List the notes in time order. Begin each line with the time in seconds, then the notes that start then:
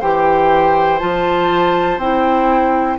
0.00 E3 G4 C5 G5
0.99 F3 F4 A5
1.97 C4 E4 G5